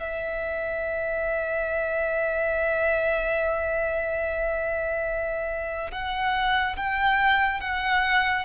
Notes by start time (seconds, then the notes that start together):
0.00 E5
5.92 F#5
6.77 G5
7.61 F#5